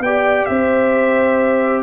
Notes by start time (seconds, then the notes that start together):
0.00 B3 G4 D5 G5
0.46 C4 C5 E5